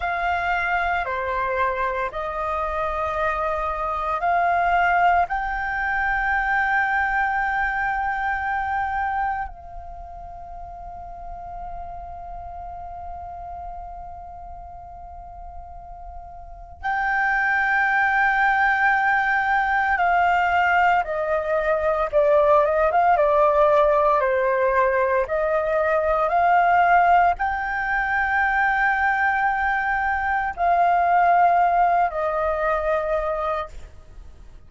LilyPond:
\new Staff \with { instrumentName = "flute" } { \time 4/4 \tempo 4 = 57 f''4 c''4 dis''2 | f''4 g''2.~ | g''4 f''2.~ | f''1 |
g''2. f''4 | dis''4 d''8 dis''16 f''16 d''4 c''4 | dis''4 f''4 g''2~ | g''4 f''4. dis''4. | }